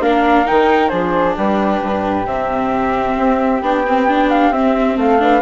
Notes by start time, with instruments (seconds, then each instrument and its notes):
0.00 bassoon A#3, viola D4, flute A#4 F5
0.46 bassoon D#3, viola D#4, flute G5
0.88 bassoon F3, viola D4, flute G#4 C5
1.37 bassoon G3, flute G4 B4
1.81 bassoon G2
2.26 bassoon C3, viola C4, flute E5
3.18 bassoon C4
3.62 bassoon B3, viola D4, flute G5
3.88 viola C4
4.08 viola D4
4.31 flute F5
4.51 bassoon C4, viola C4, flute E5
4.97 bassoon A3, flute A4 F5
5.19 viola D4, flute B4